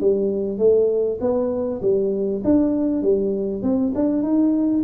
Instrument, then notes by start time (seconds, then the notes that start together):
tuba
0.00 G3
0.58 A3
1.20 B3
1.82 G3
2.44 D4
3.02 G3
3.62 C4
3.94 D4
4.23 D#4